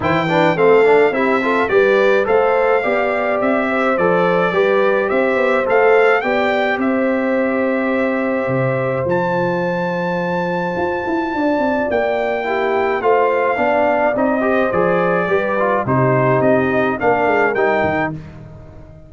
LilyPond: <<
  \new Staff \with { instrumentName = "trumpet" } { \time 4/4 \tempo 4 = 106 g''4 f''4 e''4 d''4 | f''2 e''4 d''4~ | d''4 e''4 f''4 g''4 | e''1 |
a''1~ | a''4 g''2 f''4~ | f''4 dis''4 d''2 | c''4 dis''4 f''4 g''4 | }
  \new Staff \with { instrumentName = "horn" } { \time 4/4 c''8 b'8 a'4 g'8 a'8 b'4 | c''4 d''4. c''4. | b'4 c''2 d''4 | c''1~ |
c''1 | d''2 g'4 c''4 | d''4. c''4. b'4 | g'2 ais'2 | }
  \new Staff \with { instrumentName = "trombone" } { \time 4/4 e'8 d'8 c'8 d'8 e'8 f'8 g'4 | a'4 g'2 a'4 | g'2 a'4 g'4~ | g'1 |
f'1~ | f'2 e'4 f'4 | d'4 dis'8 g'8 gis'4 g'8 f'8 | dis'2 d'4 dis'4 | }
  \new Staff \with { instrumentName = "tuba" } { \time 4/4 e4 a4 c'4 g4 | a4 b4 c'4 f4 | g4 c'8 b8 a4 b4 | c'2. c4 |
f2. f'8 e'8 | d'8 c'8 ais2 a4 | b4 c'4 f4 g4 | c4 c'4 ais8 gis8 g8 dis8 | }
>>